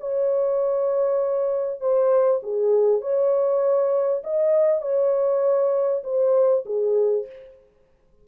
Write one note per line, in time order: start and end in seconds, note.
0.00 1.80 C#5
1.80 2.41 C5
2.42 3.01 G#4
3.01 4.22 C#5
4.24 4.82 D#5
4.82 6.03 C#5
6.04 6.64 C5
6.65 7.26 G#4